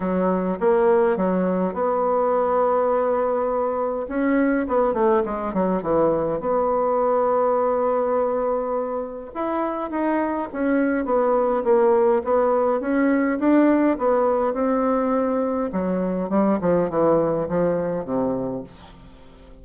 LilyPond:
\new Staff \with { instrumentName = "bassoon" } { \time 4/4 \tempo 4 = 103 fis4 ais4 fis4 b4~ | b2. cis'4 | b8 a8 gis8 fis8 e4 b4~ | b1 |
e'4 dis'4 cis'4 b4 | ais4 b4 cis'4 d'4 | b4 c'2 fis4 | g8 f8 e4 f4 c4 | }